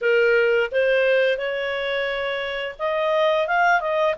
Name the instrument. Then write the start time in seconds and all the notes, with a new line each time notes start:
clarinet
0.01 A#4
0.71 C5
1.37 C#5
2.79 D#5
3.47 F5
3.80 D#5